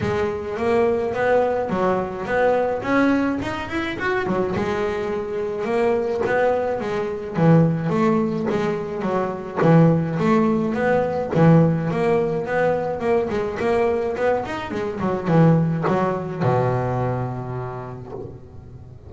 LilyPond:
\new Staff \with { instrumentName = "double bass" } { \time 4/4 \tempo 4 = 106 gis4 ais4 b4 fis4 | b4 cis'4 dis'8 e'8 fis'8 fis8 | gis2 ais4 b4 | gis4 e4 a4 gis4 |
fis4 e4 a4 b4 | e4 ais4 b4 ais8 gis8 | ais4 b8 dis'8 gis8 fis8 e4 | fis4 b,2. | }